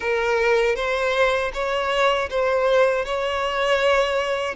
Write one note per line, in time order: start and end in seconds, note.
0.00 0.75 A#4
0.75 1.51 C5
1.53 2.29 C#5
2.30 3.05 C5
3.05 4.55 C#5